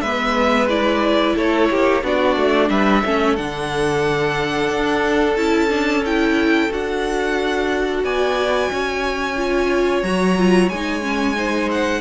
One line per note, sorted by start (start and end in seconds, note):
0.00 1.34 G#3
0.00 0.69 B3
0.00 1.35 B4
0.00 0.67 E5
0.69 2.02 E4
0.69 1.35 D5
1.35 1.69 A3
1.35 1.69 A4
1.35 2.04 C#5
1.70 2.03 A#3
1.70 2.03 G4
2.03 2.36 B3
2.03 3.03 D4
2.03 2.70 F#4
2.03 2.69 D5
2.36 2.69 A3
2.69 3.03 G3
2.69 3.03 B4
2.69 3.36 E5
3.05 3.38 A3
3.05 3.36 C#4
3.05 8.04 A4
3.36 4.69 D3
3.36 5.36 D4
3.36 5.36 F#5
4.69 5.36 D4
5.36 6.69 C#4
5.36 5.69 E4
5.36 6.02 A5
5.69 6.02 D4
6.05 6.69 E4
6.05 6.72 G5
6.69 8.03 D4
6.69 9.35 F#4
6.69 8.04 F#5
8.03 8.70 B3
8.03 8.71 D5
8.03 10.03 G#5
8.70 10.03 C#4
8.70 11.37 C#5
9.36 10.03 F4
10.03 10.69 F#3
10.03 10.37 F#4
10.03 10.69 A#5
10.37 10.70 F4
10.69 12.01 G#3
10.69 11.01 D#4
10.69 11.69 G#5
11.01 11.34 C#4
11.35 12.01 D#4
11.35 12.01 C5
11.71 12.01 F#5